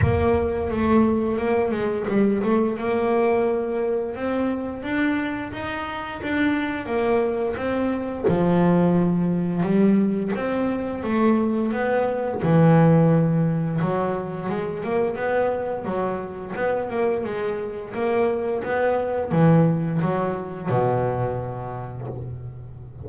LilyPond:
\new Staff \with { instrumentName = "double bass" } { \time 4/4 \tempo 4 = 87 ais4 a4 ais8 gis8 g8 a8 | ais2 c'4 d'4 | dis'4 d'4 ais4 c'4 | f2 g4 c'4 |
a4 b4 e2 | fis4 gis8 ais8 b4 fis4 | b8 ais8 gis4 ais4 b4 | e4 fis4 b,2 | }